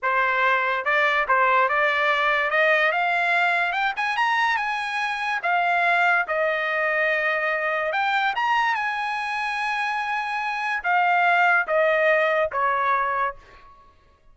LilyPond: \new Staff \with { instrumentName = "trumpet" } { \time 4/4 \tempo 4 = 144 c''2 d''4 c''4 | d''2 dis''4 f''4~ | f''4 g''8 gis''8 ais''4 gis''4~ | gis''4 f''2 dis''4~ |
dis''2. g''4 | ais''4 gis''2.~ | gis''2 f''2 | dis''2 cis''2 | }